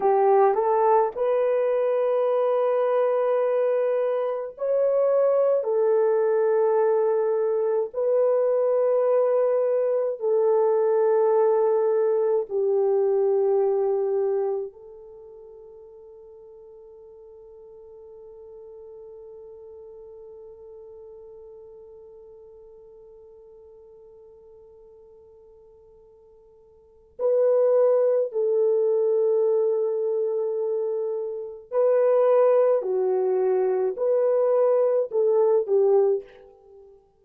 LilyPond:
\new Staff \with { instrumentName = "horn" } { \time 4/4 \tempo 4 = 53 g'8 a'8 b'2. | cis''4 a'2 b'4~ | b'4 a'2 g'4~ | g'4 a'2.~ |
a'1~ | a'1 | b'4 a'2. | b'4 fis'4 b'4 a'8 g'8 | }